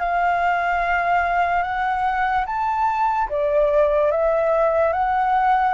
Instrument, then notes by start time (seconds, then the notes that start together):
flute
0.00 F5
1.63 F#5
2.47 A5
3.30 D5
4.12 E5
4.93 F#5